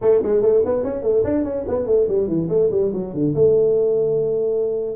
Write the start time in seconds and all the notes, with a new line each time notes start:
0.01 A3
0.23 G#3
0.42 A3
0.65 B3
0.83 C#4
1.02 A3
1.23 D4
1.44 C#4
1.68 B3
1.86 A3
2.07 G3
2.27 E3
2.48 A3
2.71 G3
2.93 F#3
3.13 D3
3.34 A3